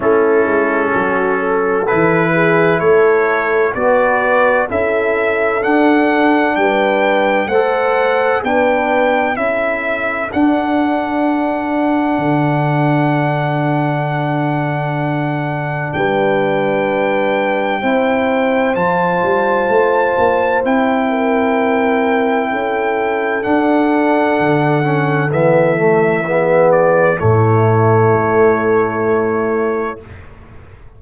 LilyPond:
<<
  \new Staff \with { instrumentName = "trumpet" } { \time 4/4 \tempo 4 = 64 a'2 b'4 cis''4 | d''4 e''4 fis''4 g''4 | fis''4 g''4 e''4 fis''4~ | fis''1~ |
fis''4 g''2. | a''2 g''2~ | g''4 fis''2 e''4~ | e''8 d''8 cis''2. | }
  \new Staff \with { instrumentName = "horn" } { \time 4/4 e'4 fis'8 a'4 gis'8 a'4 | b'4 a'2 b'4 | c''4 b'4 a'2~ | a'1~ |
a'4 b'2 c''4~ | c''2~ c''8 ais'4. | a'1 | gis'4 e'2. | }
  \new Staff \with { instrumentName = "trombone" } { \time 4/4 cis'2 e'2 | fis'4 e'4 d'2 | a'4 d'4 e'4 d'4~ | d'1~ |
d'2. e'4 | f'2 e'2~ | e'4 d'4. cis'8 b8 a8 | b4 a2. | }
  \new Staff \with { instrumentName = "tuba" } { \time 4/4 a8 gis8 fis4 e4 a4 | b4 cis'4 d'4 g4 | a4 b4 cis'4 d'4~ | d'4 d2.~ |
d4 g2 c'4 | f8 g8 a8 ais8 c'2 | cis'4 d'4 d4 e4~ | e4 a,4 a2 | }
>>